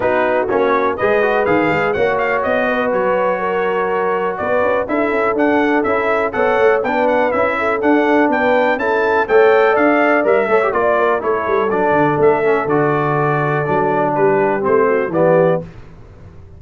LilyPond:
<<
  \new Staff \with { instrumentName = "trumpet" } { \time 4/4 \tempo 4 = 123 b'4 cis''4 dis''4 f''4 | fis''8 f''8 dis''4 cis''2~ | cis''4 d''4 e''4 fis''4 | e''4 fis''4 g''8 fis''8 e''4 |
fis''4 g''4 a''4 g''4 | f''4 e''4 d''4 cis''4 | d''4 e''4 d''2~ | d''4 b'4 c''4 d''4 | }
  \new Staff \with { instrumentName = "horn" } { \time 4/4 fis'2 b'2 | cis''4. b'4. ais'4~ | ais'4 b'4 a'2~ | a'4 cis''4 b'4. a'8~ |
a'4 b'4 a'4 cis''4 | d''4. cis''8 d''8 ais'8 a'4~ | a'1~ | a'4 g'4. fis'8 g'4 | }
  \new Staff \with { instrumentName = "trombone" } { \time 4/4 dis'4 cis'4 gis'8 fis'8 gis'4 | fis'1~ | fis'2 e'4 d'4 | e'4 a'4 d'4 e'4 |
d'2 e'4 a'4~ | a'4 ais'8 a'16 g'16 f'4 e'4 | d'4. cis'8 fis'2 | d'2 c'4 b4 | }
  \new Staff \with { instrumentName = "tuba" } { \time 4/4 b4 ais4 gis4 dis8 gis8 | ais4 b4 fis2~ | fis4 b8 cis'8 d'8 cis'8 d'4 | cis'4 b8 a8 b4 cis'4 |
d'4 b4 cis'4 a4 | d'4 g8 a8 ais4 a8 g8 | fis8 d8 a4 d2 | fis4 g4 a4 e4 | }
>>